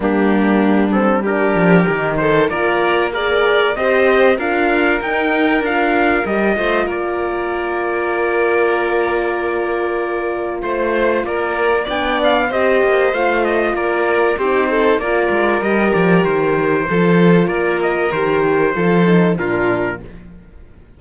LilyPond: <<
  \new Staff \with { instrumentName = "trumpet" } { \time 4/4 \tempo 4 = 96 g'4. a'8 ais'4. c''8 | d''4 ais'4 dis''4 f''4 | g''4 f''4 dis''4 d''4~ | d''1~ |
d''4 c''4 d''4 g''8 f''8 | dis''4 f''8 dis''8 d''4 c''4 | d''4 dis''8 d''8 c''2 | d''8 dis''8 c''2 ais'4 | }
  \new Staff \with { instrumentName = "violin" } { \time 4/4 d'2 g'4. a'8 | ais'4 d''4 c''4 ais'4~ | ais'2~ ais'8 c''8 ais'4~ | ais'1~ |
ais'4 c''4 ais'4 d''4 | c''2 ais'4 g'8 a'8 | ais'2. a'4 | ais'2 a'4 f'4 | }
  \new Staff \with { instrumentName = "horn" } { \time 4/4 ais4. c'8 d'4 dis'4 | f'4 gis'4 g'4 f'4 | dis'4 f'4 g'8 f'4.~ | f'1~ |
f'2. d'4 | g'4 f'2 dis'4 | f'4 g'2 f'4~ | f'4 g'4 f'8 dis'8 d'4 | }
  \new Staff \with { instrumentName = "cello" } { \time 4/4 g2~ g8 f8 dis4 | ais2 c'4 d'4 | dis'4 d'4 g8 a8 ais4~ | ais1~ |
ais4 a4 ais4 b4 | c'8 ais8 a4 ais4 c'4 | ais8 gis8 g8 f8 dis4 f4 | ais4 dis4 f4 ais,4 | }
>>